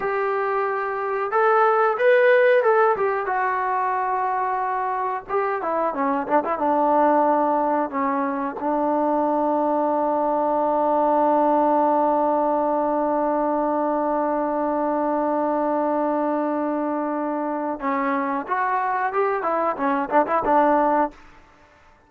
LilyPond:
\new Staff \with { instrumentName = "trombone" } { \time 4/4 \tempo 4 = 91 g'2 a'4 b'4 | a'8 g'8 fis'2. | g'8 e'8 cis'8 d'16 e'16 d'2 | cis'4 d'2.~ |
d'1~ | d'1~ | d'2. cis'4 | fis'4 g'8 e'8 cis'8 d'16 e'16 d'4 | }